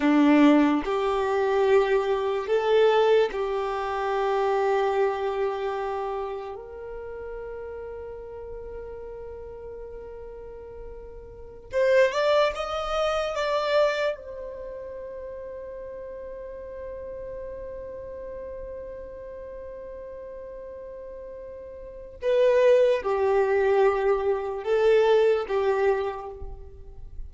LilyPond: \new Staff \with { instrumentName = "violin" } { \time 4/4 \tempo 4 = 73 d'4 g'2 a'4 | g'1 | ais'1~ | ais'2~ ais'16 c''8 d''8 dis''8.~ |
dis''16 d''4 c''2~ c''8.~ | c''1~ | c''2. b'4 | g'2 a'4 g'4 | }